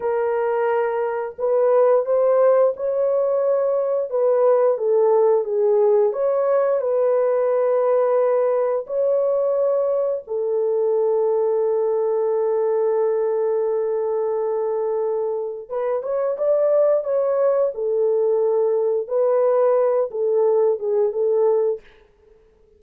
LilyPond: \new Staff \with { instrumentName = "horn" } { \time 4/4 \tempo 4 = 88 ais'2 b'4 c''4 | cis''2 b'4 a'4 | gis'4 cis''4 b'2~ | b'4 cis''2 a'4~ |
a'1~ | a'2. b'8 cis''8 | d''4 cis''4 a'2 | b'4. a'4 gis'8 a'4 | }